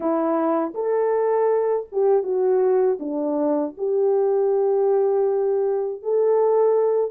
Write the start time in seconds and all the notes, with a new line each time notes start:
0.00 E4
0.74 A4
1.91 G4
2.23 F#4
2.99 D4
3.77 G4
6.02 A4